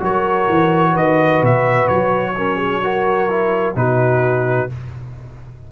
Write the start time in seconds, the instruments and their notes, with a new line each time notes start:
0.00 tuba F#3, trombone F#4, horn A#4, trumpet C#5
0.49 tuba E3
0.91 tuba D#3, horn B4, trumpet D#5
1.42 tuba B2, trumpet E5
1.88 tuba F#3, trumpet C#5
2.37 trombone C#4, horn A#4
2.56 horn G#4
2.83 trombone F#4, horn A#4
3.29 trombone E4
3.75 tuba B2, trombone D#4, horn F#4, trumpet B4